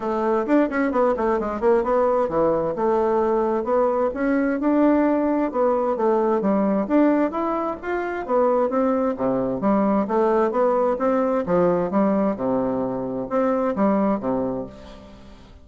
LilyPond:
\new Staff \with { instrumentName = "bassoon" } { \time 4/4 \tempo 4 = 131 a4 d'8 cis'8 b8 a8 gis8 ais8 | b4 e4 a2 | b4 cis'4 d'2 | b4 a4 g4 d'4 |
e'4 f'4 b4 c'4 | c4 g4 a4 b4 | c'4 f4 g4 c4~ | c4 c'4 g4 c4 | }